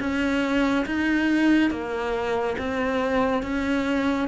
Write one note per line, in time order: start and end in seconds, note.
0.00 0.86 C#4
0.86 1.71 D#4
1.71 2.57 A#3
2.58 3.43 C4
3.43 4.28 C#4